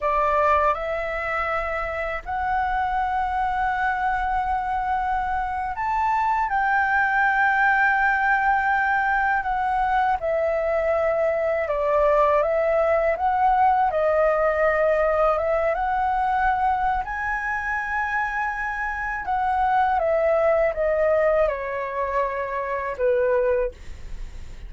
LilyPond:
\new Staff \with { instrumentName = "flute" } { \time 4/4 \tempo 4 = 81 d''4 e''2 fis''4~ | fis''2.~ fis''8. a''16~ | a''8. g''2.~ g''16~ | g''8. fis''4 e''2 d''16~ |
d''8. e''4 fis''4 dis''4~ dis''16~ | dis''8. e''8 fis''4.~ fis''16 gis''4~ | gis''2 fis''4 e''4 | dis''4 cis''2 b'4 | }